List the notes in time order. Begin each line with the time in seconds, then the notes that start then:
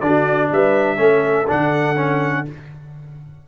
0.00 D3 D4 F#4 D5
0.52 G3 B4 E5
0.97 A3 C#4 A4
1.48 D3 D4 F#5
1.96 C#4